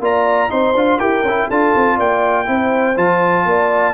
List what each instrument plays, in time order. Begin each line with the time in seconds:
0.00 tuba A#3, trombone F4, horn D5, trumpet A#5
0.50 tuba C4, trombone D#4, horn C5, trumpet C6
0.75 tuba D4, trombone F4
0.99 tuba E4, trombone G4, horn A#4, trumpet G5
1.22 tuba C#4
1.29 trombone E4
1.48 tuba D4, trombone F4, horn A4, trumpet A5
1.76 tuba C4
1.96 tuba A#3, horn D5, trumpet G5
2.46 tuba C4, trombone E4, horn C5
2.96 tuba F3, trombone F4, trumpet A5
3.46 tuba A#3, horn D5